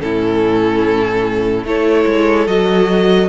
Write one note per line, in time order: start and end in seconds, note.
0.00 1.64 A2
0.00 1.64 C#4
0.00 1.66 E4
0.00 1.65 A4
1.64 2.05 A3
1.64 2.47 E4
1.64 3.29 A4
1.64 2.48 C#5
2.06 2.47 G#3
2.47 3.29 F#3
2.47 3.29 F#4
2.47 3.29 D#5